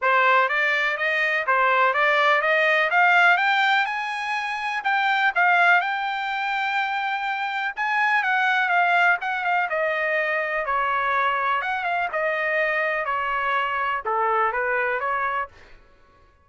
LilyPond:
\new Staff \with { instrumentName = "trumpet" } { \time 4/4 \tempo 4 = 124 c''4 d''4 dis''4 c''4 | d''4 dis''4 f''4 g''4 | gis''2 g''4 f''4 | g''1 |
gis''4 fis''4 f''4 fis''8 f''8 | dis''2 cis''2 | fis''8 f''8 dis''2 cis''4~ | cis''4 a'4 b'4 cis''4 | }